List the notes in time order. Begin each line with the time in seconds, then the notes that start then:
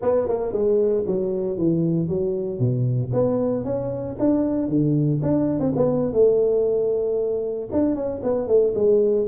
0.02 B3
0.28 A#3
0.52 G#3
1.06 F#3
1.57 E3
2.08 F#3
2.59 B2
3.13 B3
3.64 C#4
4.19 D4
4.68 D3
5.22 D4
5.59 C4
5.76 B3
6.12 A3
7.71 D4
7.95 C#4
8.23 B3
8.47 A3
8.74 G#3